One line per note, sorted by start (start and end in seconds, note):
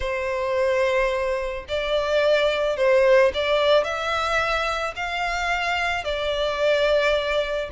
0.00 1.65 C5
1.68 2.76 D5
2.76 3.32 C5
3.34 3.84 D5
3.84 4.94 E5
4.95 6.04 F5
6.04 7.69 D5